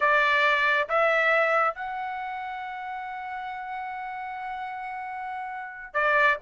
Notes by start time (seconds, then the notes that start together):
0.00 D5
0.88 E5
1.74 F#5
5.93 D5